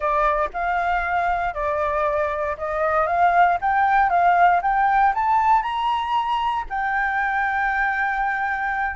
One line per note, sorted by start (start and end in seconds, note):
0.00 0.49 D5
0.53 1.53 F5
1.53 2.56 D5
2.57 3.06 D#5
3.06 3.58 F5
3.61 4.09 G5
4.09 4.61 F5
4.62 5.13 G5
5.14 5.62 A5
5.62 6.65 A#5
6.69 8.95 G5